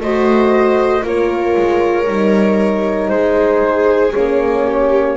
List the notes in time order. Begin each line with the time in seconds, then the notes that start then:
0.00 A3 F#4 C5 D#5
1.02 A#3 F4 A#4 C#5
1.56 G#3
2.06 G3 D#4
3.09 G#3 G#4 C5
4.14 A#3 C#4 C#5
4.66 G4